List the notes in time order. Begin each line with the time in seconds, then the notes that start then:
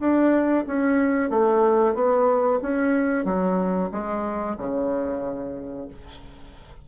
0.00 D4
0.67 C#4
1.30 A3
1.94 B3
2.62 C#4
3.25 F#3
3.92 G#3
4.58 C#3